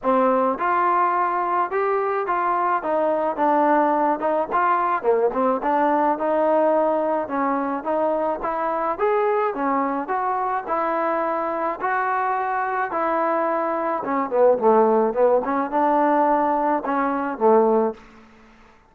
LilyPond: \new Staff \with { instrumentName = "trombone" } { \time 4/4 \tempo 4 = 107 c'4 f'2 g'4 | f'4 dis'4 d'4. dis'8 | f'4 ais8 c'8 d'4 dis'4~ | dis'4 cis'4 dis'4 e'4 |
gis'4 cis'4 fis'4 e'4~ | e'4 fis'2 e'4~ | e'4 cis'8 b8 a4 b8 cis'8 | d'2 cis'4 a4 | }